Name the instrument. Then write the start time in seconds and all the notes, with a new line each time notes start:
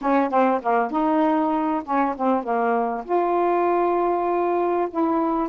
saxophone
0.01 C#4
0.30 C4
0.62 A#3
0.90 D#4
1.84 C#4
2.16 C4
2.43 A#3
3.04 F4
4.90 E4